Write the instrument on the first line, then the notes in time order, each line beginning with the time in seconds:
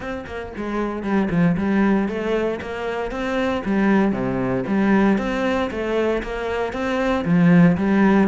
cello
0.00 C4
0.26 A#3
0.56 G#3
1.03 G3
1.30 F3
1.57 G3
2.08 A3
2.61 A#3
3.11 C4
3.65 G3
4.12 C3
4.67 G3
5.18 C4
5.70 A3
6.22 A#3
6.72 C4
7.25 F3
7.77 G3